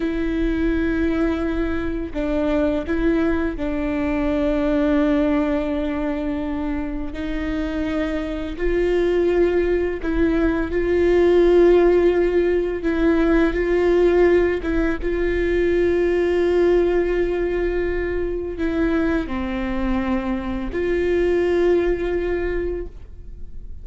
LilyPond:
\new Staff \with { instrumentName = "viola" } { \time 4/4 \tempo 4 = 84 e'2. d'4 | e'4 d'2.~ | d'2 dis'2 | f'2 e'4 f'4~ |
f'2 e'4 f'4~ | f'8 e'8 f'2.~ | f'2 e'4 c'4~ | c'4 f'2. | }